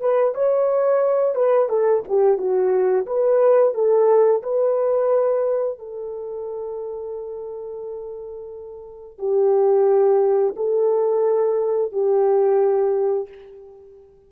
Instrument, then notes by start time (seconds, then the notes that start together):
horn
0.00 B4
0.34 C#5
1.35 B4
1.69 A4
2.08 G4
2.37 F#4
3.06 B4
3.74 A4
4.43 B4
5.79 A4
9.18 G4
10.56 A4
11.92 G4